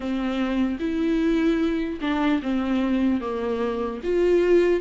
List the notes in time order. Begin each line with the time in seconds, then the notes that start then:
0.00 C4
0.79 E4
2.01 D4
2.42 C4
3.21 A#3
4.03 F4